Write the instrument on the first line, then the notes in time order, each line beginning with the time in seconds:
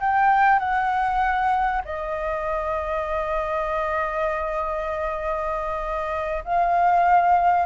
flute
0.00 G5
0.59 F#5
1.85 D#5
6.44 F5